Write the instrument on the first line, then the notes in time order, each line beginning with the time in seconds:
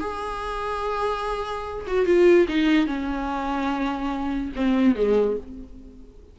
viola
0.00 G#4
1.87 F#4
2.06 F4
2.48 D#4
2.87 C#4
4.56 C4
4.96 G#3